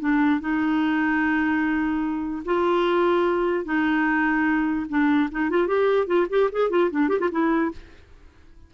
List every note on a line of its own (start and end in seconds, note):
0.00 0.40 D4
0.40 2.43 D#4
2.45 3.65 F4
3.65 4.86 D#4
4.89 5.29 D4
5.31 5.50 D#4
5.50 5.67 F4
5.67 6.06 G4
6.06 6.27 F4
6.29 6.50 G4
6.52 6.70 G#4
6.70 6.90 F4
6.90 7.09 D4
7.09 7.19 G4
7.19 7.29 F4
7.31 7.72 E4